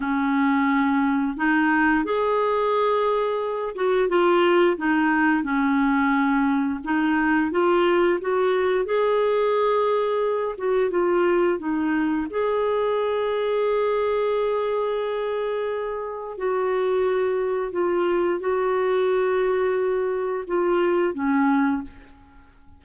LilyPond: \new Staff \with { instrumentName = "clarinet" } { \time 4/4 \tempo 4 = 88 cis'2 dis'4 gis'4~ | gis'4. fis'8 f'4 dis'4 | cis'2 dis'4 f'4 | fis'4 gis'2~ gis'8 fis'8 |
f'4 dis'4 gis'2~ | gis'1 | fis'2 f'4 fis'4~ | fis'2 f'4 cis'4 | }